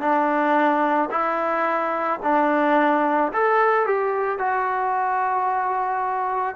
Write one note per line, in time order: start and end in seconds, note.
0.00 1.09 D4
1.11 2.20 E4
2.23 3.32 D4
3.33 3.86 A4
3.86 4.38 G4
4.38 6.56 F#4